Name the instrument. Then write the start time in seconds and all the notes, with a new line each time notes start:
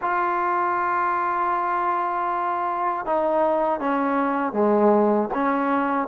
trombone
0.01 F4
3.05 D#4
3.80 C#4
4.53 G#3
5.34 C#4